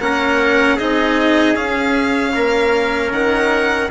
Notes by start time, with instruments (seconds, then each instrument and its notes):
0.00 bassoon A#3, cello C#4, trumpet A#4, violin F#5
0.76 bassoon C4, cello D#4, trumpet G#4, violin D#5
1.55 bassoon C#4, cello C#4, violin F5
2.35 bassoon A#3, trumpet A#4
3.12 bassoon D#3, violin F#5